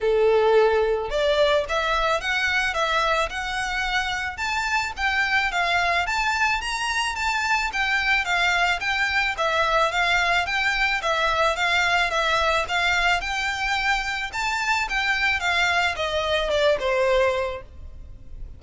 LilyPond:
\new Staff \with { instrumentName = "violin" } { \time 4/4 \tempo 4 = 109 a'2 d''4 e''4 | fis''4 e''4 fis''2 | a''4 g''4 f''4 a''4 | ais''4 a''4 g''4 f''4 |
g''4 e''4 f''4 g''4 | e''4 f''4 e''4 f''4 | g''2 a''4 g''4 | f''4 dis''4 d''8 c''4. | }